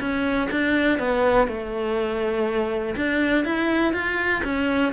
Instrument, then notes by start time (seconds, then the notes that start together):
cello
0.00 C#4
0.51 D4
0.99 B3
1.48 A3
2.96 D4
3.45 E4
3.93 F4
4.44 C#4